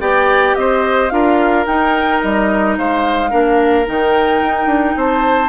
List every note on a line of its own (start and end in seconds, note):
0.00 0.55 B3
0.00 1.10 G4
0.00 0.56 D5
0.00 0.55 G5
0.55 1.11 C4
0.55 1.13 C5
0.55 1.10 D#5
1.10 1.66 D4
1.10 1.65 F4
1.10 2.78 A#4
1.10 1.65 F5
1.66 2.21 D#4
1.66 3.30 D#4
1.66 2.21 G5
2.22 2.78 G3
2.22 2.77 D#5
2.77 3.32 G#3
2.77 3.30 C5
2.77 3.87 F5
3.30 3.87 A#3
3.30 3.85 D4
3.30 4.95 A#4
3.86 4.42 D#3
3.86 5.49 D#4
3.86 4.98 G5
4.42 4.66 D#4
4.66 4.94 D4
4.96 5.49 C4
4.96 5.49 C5
4.96 5.49 A5